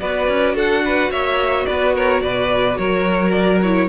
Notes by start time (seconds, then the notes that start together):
0.00 B3 F#4 B4 D5
0.28 C#4
0.54 D4 A4 F#5
0.85 B4
1.11 A#3 C#5 E5
1.65 B3 B4 D5
1.95 A#4 C#5
2.21 B2 B4 D5
2.77 F#3 A#4 C#5
3.31 D5
3.62 E4 C#5